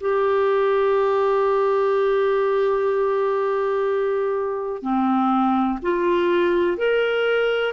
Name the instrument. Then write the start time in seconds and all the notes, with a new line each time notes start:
clarinet
0.00 G4
4.82 C4
5.82 F4
6.77 A#4